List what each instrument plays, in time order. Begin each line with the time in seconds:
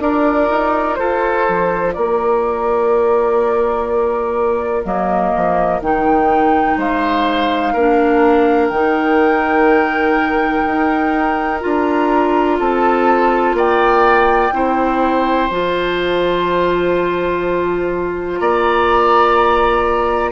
0.00 bassoon D4, clarinet F4, oboe A#4, flute D5
0.49 bassoon D#4
0.95 bassoon F4, oboe A4, flute C5
1.49 bassoon F3
1.93 bassoon A#3, oboe A#4, flute D5
4.84 bassoon F#3, clarinet A#3, flute D#5
5.36 bassoon F3
5.81 bassoon D#3, clarinet D#4, flute G5
6.77 bassoon G#3, oboe C5, flute F5
7.73 bassoon A#3, clarinet D4, oboe A#4
8.69 bassoon D#3, clarinet D#4, flute G5
10.66 bassoon D#4
11.60 bassoon D4, clarinet F4, flute A#5
12.59 bassoon C4, oboe A4, flute A5
13.54 bassoon A#3, oboe D5, flute G5
14.52 bassoon C4, clarinet E4, oboe C5
15.50 bassoon F3, clarinet F4, flute A5
18.39 bassoon A#3, oboe D5, flute A#5